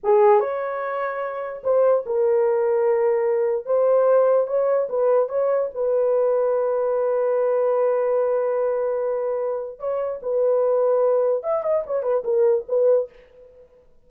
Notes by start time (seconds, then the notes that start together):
0.03 G#4
0.40 C#5
1.63 C5
2.05 A#4
3.65 C5
4.47 C#5
4.89 B4
5.28 C#5
5.74 B4
9.79 C#5
10.22 B4
11.43 E5
11.63 D#5
11.86 C#5
12.02 B4
12.24 A#4
12.68 B4